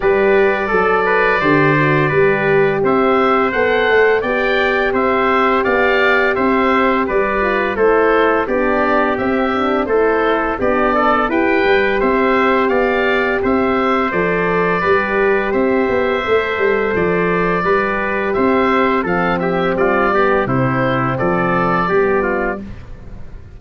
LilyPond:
<<
  \new Staff \with { instrumentName = "oboe" } { \time 4/4 \tempo 4 = 85 d''1 | e''4 fis''4 g''4 e''4 | f''4 e''4 d''4 c''4 | d''4 e''4 c''4 d''4 |
g''4 e''4 f''4 e''4 | d''2 e''2 | d''2 e''4 f''8 e''8 | d''4 c''4 d''2 | }
  \new Staff \with { instrumentName = "trumpet" } { \time 4/4 b'4 a'8 b'8 c''4 b'4 | c''2 d''4 c''4 | d''4 c''4 b'4 a'4 | g'2 a'4 g'8 a'8 |
b'4 c''4 d''4 c''4~ | c''4 b'4 c''2~ | c''4 b'4 c''4 a'8 g'8 | f'8 g'8 e'4 a'4 g'8 f'8 | }
  \new Staff \with { instrumentName = "horn" } { \time 4/4 g'4 a'4 g'8 fis'8 g'4~ | g'4 a'4 g'2~ | g'2~ g'8 f'8 e'4 | d'4 c'8 d'8 e'4 d'4 |
g'1 | a'4 g'2 a'4~ | a'4 g'2 c'4~ | c'8 b8 c'2 b4 | }
  \new Staff \with { instrumentName = "tuba" } { \time 4/4 g4 fis4 d4 g4 | c'4 b8 a8 b4 c'4 | b4 c'4 g4 a4 | b4 c'4 a4 b4 |
e'8 g8 c'4 b4 c'4 | f4 g4 c'8 b8 a8 g8 | f4 g4 c'4 f4 | g4 c4 f4 g4 | }
>>